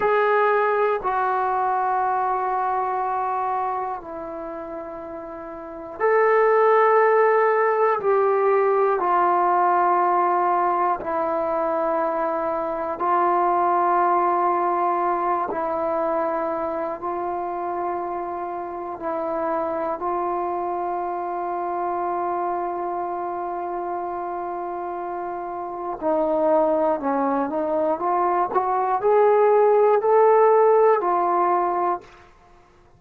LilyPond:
\new Staff \with { instrumentName = "trombone" } { \time 4/4 \tempo 4 = 60 gis'4 fis'2. | e'2 a'2 | g'4 f'2 e'4~ | e'4 f'2~ f'8 e'8~ |
e'4 f'2 e'4 | f'1~ | f'2 dis'4 cis'8 dis'8 | f'8 fis'8 gis'4 a'4 f'4 | }